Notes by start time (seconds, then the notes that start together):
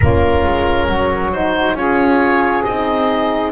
0.00 A#3 C#4 F4 A#4
0.44 G#3
0.87 F#3 F#4
1.32 D#4 C5
1.74 C#4 F4 G#4 C#5
2.64 C4 D#4 D#5